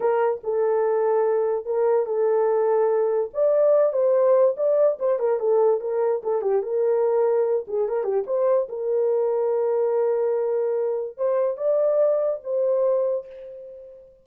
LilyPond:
\new Staff \with { instrumentName = "horn" } { \time 4/4 \tempo 4 = 145 ais'4 a'2. | ais'4 a'2. | d''4. c''4. d''4 | c''8 ais'8 a'4 ais'4 a'8 g'8 |
ais'2~ ais'8 gis'8 ais'8 g'8 | c''4 ais'2.~ | ais'2. c''4 | d''2 c''2 | }